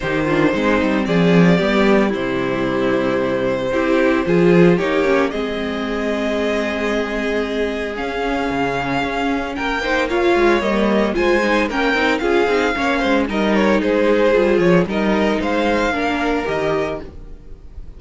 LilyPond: <<
  \new Staff \with { instrumentName = "violin" } { \time 4/4 \tempo 4 = 113 c''2 d''2 | c''1~ | c''4 cis''4 dis''2~ | dis''2. f''4~ |
f''2 g''4 f''4 | dis''4 gis''4 g''4 f''4~ | f''4 dis''8 cis''8 c''4. cis''8 | dis''4 f''2 dis''4 | }
  \new Staff \with { instrumentName = "violin" } { \time 4/4 g'8 f'8 dis'4 gis'4 g'4 | e'2. g'4 | gis'4 g'4 gis'2~ | gis'1~ |
gis'2 ais'8 c''8 cis''4~ | cis''4 c''4 ais'4 gis'4 | cis''8 c''8 ais'4 gis'2 | ais'4 c''4 ais'2 | }
  \new Staff \with { instrumentName = "viola" } { \time 4/4 dis'8 d'8 c'2 b4 | g2. e'4 | f'4 dis'8 cis'8 c'2~ | c'2. cis'4~ |
cis'2~ cis'8 dis'8 f'4 | ais4 f'8 dis'8 cis'8 dis'8 f'8 dis'8 | cis'4 dis'2 f'4 | dis'2 d'4 g'4 | }
  \new Staff \with { instrumentName = "cello" } { \time 4/4 dis4 gis8 g8 f4 g4 | c2. c'4 | f4 ais4 gis2~ | gis2. cis'4 |
cis4 cis'4 ais4. gis8 | g4 gis4 ais8 c'8 cis'8 c'8 | ais8 gis8 g4 gis4 g8 f8 | g4 gis4 ais4 dis4 | }
>>